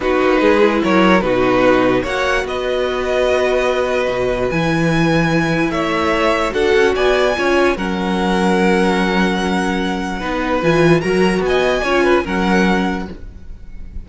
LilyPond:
<<
  \new Staff \with { instrumentName = "violin" } { \time 4/4 \tempo 4 = 147 b'2 cis''4 b'4~ | b'4 fis''4 dis''2~ | dis''2. gis''4~ | gis''2 e''2 |
fis''4 gis''2 fis''4~ | fis''1~ | fis''2 gis''4 ais''4 | gis''2 fis''2 | }
  \new Staff \with { instrumentName = "violin" } { \time 4/4 fis'4 gis'4 ais'4 fis'4~ | fis'4 cis''4 b'2~ | b'1~ | b'2 cis''2 |
a'4 d''4 cis''4 ais'4~ | ais'1~ | ais'4 b'2 ais'4 | dis''4 cis''8 b'8 ais'2 | }
  \new Staff \with { instrumentName = "viola" } { \time 4/4 dis'4. e'4. dis'4~ | dis'4 fis'2.~ | fis'2. e'4~ | e'1 |
fis'2 f'4 cis'4~ | cis'1~ | cis'4 dis'4 f'4 fis'4~ | fis'4 f'4 cis'2 | }
  \new Staff \with { instrumentName = "cello" } { \time 4/4 b8 ais8 gis4 fis4 b,4~ | b,4 ais4 b2~ | b2 b,4 e4~ | e2 a2 |
d'8 cis'8 b4 cis'4 fis4~ | fis1~ | fis4 b4 e4 fis4 | b4 cis'4 fis2 | }
>>